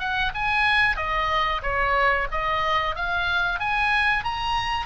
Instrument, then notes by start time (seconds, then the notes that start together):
oboe
0.00 F#5
0.35 G#5
0.97 D#5
1.63 C#5
2.32 D#5
2.96 F5
3.60 G#5
4.25 A#5